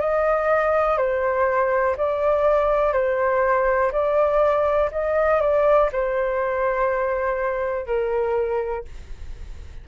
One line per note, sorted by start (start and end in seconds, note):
0.00 0.97 D#5
0.97 1.96 C5
1.97 2.93 D5
2.93 3.91 C5
3.92 4.90 D5
4.91 5.41 D#5
5.41 5.90 D5
5.92 7.86 C5
7.86 8.84 A#4